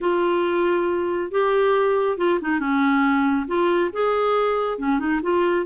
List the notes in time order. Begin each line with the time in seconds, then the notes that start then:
0.01 F4
1.31 G4
2.17 F4
2.41 D#4
2.59 C#4
3.47 F4
3.92 G#4
4.78 C#4
4.99 D#4
5.22 F4